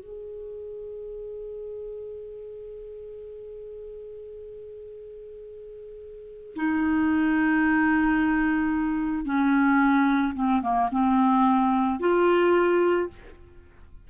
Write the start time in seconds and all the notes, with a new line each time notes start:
0.00 G#4
6.56 D#4
9.25 C#4
10.35 C4
10.63 A#3
10.92 C4
12.00 F4